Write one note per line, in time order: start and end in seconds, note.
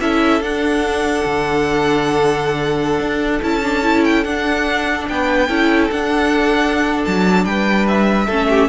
0.00 0.40 C#4
0.00 0.42 E4
0.00 5.08 A4
0.00 0.41 E5
0.40 1.23 D4
0.40 3.41 D4
0.40 3.42 F#5
1.25 2.99 D3
2.99 3.40 D4
3.41 4.25 C#4
3.41 3.61 E4
3.41 4.04 A5
3.62 3.82 D4
3.82 4.24 E4
4.04 4.24 G5
4.24 5.48 D4
4.24 5.07 D4
4.24 5.06 F#5
5.08 5.48 B3
5.08 5.48 B4
5.08 5.90 G5
5.48 5.90 C#4
5.48 5.90 E4
5.48 7.45 A4
5.90 8.28 D4
5.90 7.05 D4
5.90 7.04 F#5
7.04 7.44 F#3
7.04 7.44 A5
7.44 8.27 G3
7.44 8.26 B4
7.44 7.86 G5
7.88 8.68 E5
8.26 8.68 A3
8.26 8.68 C#4
8.26 8.47 A4
8.49 8.68 G4